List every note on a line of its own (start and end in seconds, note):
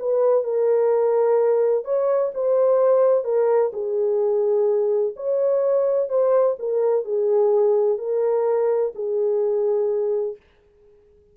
0.00 0.44 B4
0.44 1.85 A#4
1.85 2.33 C#5
2.35 3.25 C5
3.25 3.72 A#4
3.73 5.15 G#4
5.16 6.10 C#5
6.10 6.57 C5
6.59 7.05 A#4
7.05 7.99 G#4
7.99 8.93 A#4
8.95 10.37 G#4